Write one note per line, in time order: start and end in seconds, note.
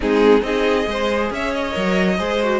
0.00 0.42 G#3
0.00 0.40 C4
0.00 0.43 D#4
0.00 0.43 G#4
0.40 0.86 C4
0.40 0.84 D#4
0.40 0.88 G#4
0.40 1.31 D#5
0.84 1.30 G#3
0.84 1.71 G#4
0.84 1.32 C5
1.30 1.74 C#4
1.30 2.18 C#5
1.30 1.53 E5
1.53 2.59 D#5
1.71 2.19 F#3
1.71 2.15 A#4
2.18 2.59 G#3
2.18 2.40 G#4
2.18 2.59 C5
2.42 2.59 F#4